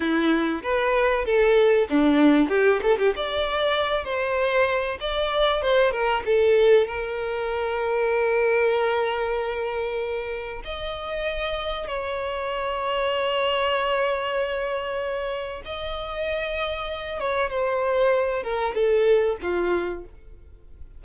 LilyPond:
\new Staff \with { instrumentName = "violin" } { \time 4/4 \tempo 4 = 96 e'4 b'4 a'4 d'4 | g'8 a'16 g'16 d''4. c''4. | d''4 c''8 ais'8 a'4 ais'4~ | ais'1~ |
ais'4 dis''2 cis''4~ | cis''1~ | cis''4 dis''2~ dis''8 cis''8 | c''4. ais'8 a'4 f'4 | }